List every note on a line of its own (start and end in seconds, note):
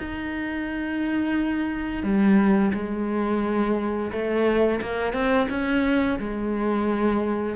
0.00 2.03 D#4
2.03 2.72 G3
2.74 4.12 G#3
4.13 4.82 A3
4.82 5.13 A#3
5.13 5.48 C4
5.50 6.19 C#4
6.20 7.56 G#3